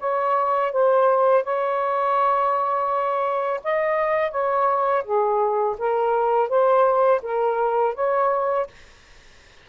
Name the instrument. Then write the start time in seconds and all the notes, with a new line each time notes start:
saxophone
0.00 C#5
0.72 C5
1.44 C#5
3.64 D#5
4.31 C#5
5.04 G#4
5.78 A#4
6.49 C5
7.23 A#4
7.95 C#5